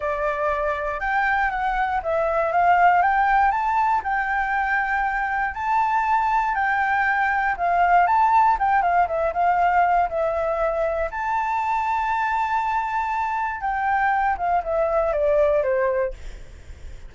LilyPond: \new Staff \with { instrumentName = "flute" } { \time 4/4 \tempo 4 = 119 d''2 g''4 fis''4 | e''4 f''4 g''4 a''4 | g''2. a''4~ | a''4 g''2 f''4 |
a''4 g''8 f''8 e''8 f''4. | e''2 a''2~ | a''2. g''4~ | g''8 f''8 e''4 d''4 c''4 | }